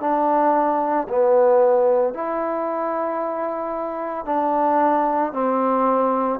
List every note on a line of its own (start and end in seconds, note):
0.00 1.07 D4
1.09 2.14 B3
2.14 4.25 E4
4.25 5.32 D4
5.32 6.39 C4